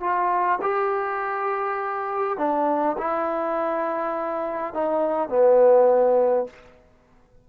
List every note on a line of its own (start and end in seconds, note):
0.00 0.59 F4
0.62 2.38 G4
2.38 2.97 D4
2.98 4.74 E4
4.74 5.29 D#4
5.29 6.47 B3